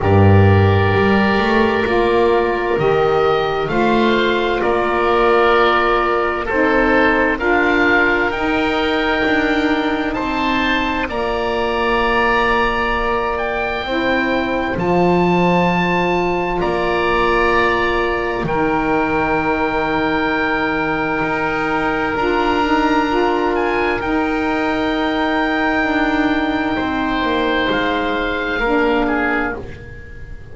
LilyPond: <<
  \new Staff \with { instrumentName = "oboe" } { \time 4/4 \tempo 4 = 65 d''2. dis''4 | f''4 d''2 c''4 | f''4 g''2 a''4 | ais''2~ ais''8 g''4. |
a''2 ais''2 | g''1 | ais''4. gis''8 g''2~ | g''2 f''2 | }
  \new Staff \with { instrumentName = "oboe" } { \time 4/4 ais'1 | c''4 ais'2 a'4 | ais'2. c''4 | d''2. c''4~ |
c''2 d''2 | ais'1~ | ais'1~ | ais'4 c''2 ais'8 gis'8 | }
  \new Staff \with { instrumentName = "saxophone" } { \time 4/4 g'2 f'4 g'4 | f'2. dis'4 | f'4 dis'2. | f'2. e'4 |
f'1 | dis'1 | f'8 dis'8 f'4 dis'2~ | dis'2. d'4 | }
  \new Staff \with { instrumentName = "double bass" } { \time 4/4 g,4 g8 a8 ais4 dis4 | a4 ais2 c'4 | d'4 dis'4 d'4 c'4 | ais2. c'4 |
f2 ais2 | dis2. dis'4 | d'2 dis'2 | d'4 c'8 ais8 gis4 ais4 | }
>>